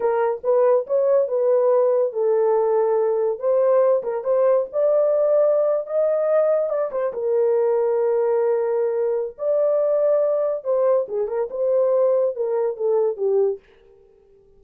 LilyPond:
\new Staff \with { instrumentName = "horn" } { \time 4/4 \tempo 4 = 141 ais'4 b'4 cis''4 b'4~ | b'4 a'2. | c''4. ais'8 c''4 d''4~ | d''4.~ d''16 dis''2 d''16~ |
d''16 c''8 ais'2.~ ais'16~ | ais'2 d''2~ | d''4 c''4 gis'8 ais'8 c''4~ | c''4 ais'4 a'4 g'4 | }